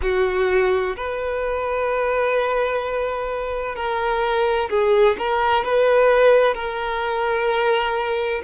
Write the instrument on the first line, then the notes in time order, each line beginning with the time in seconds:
violin
0.02 F#4
0.96 B4
3.75 A#4
4.69 G#4
5.18 A#4
5.64 B4
6.54 A#4